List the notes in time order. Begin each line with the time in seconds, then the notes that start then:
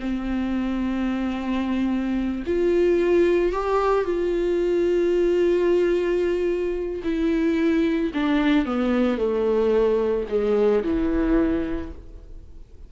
0.00 C4
2.46 F4
3.52 G4
4.04 F4
7.03 E4
8.14 D4
8.65 B3
9.17 A3
10.29 G#3
10.84 E3